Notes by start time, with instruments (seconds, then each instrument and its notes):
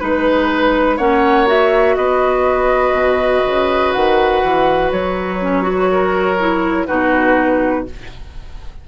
0.00 bassoon G#3, clarinet D#4, oboe B4, flute B4
0.97 bassoon A#3, clarinet C#4, oboe C#5, flute F#5
1.47 clarinet F#4, flute E5
1.96 bassoon B3, oboe B4, flute D#5
2.93 bassoon B2
3.46 bassoon C#3
3.93 bassoon D#3, flute F#5
4.43 bassoon E3
4.92 bassoon F#3, flute C#5
5.41 clarinet C#4
5.63 clarinet F#4
5.92 oboe A#4
6.40 clarinet E4
6.87 bassoon B2, clarinet D#4, oboe F#4, flute B4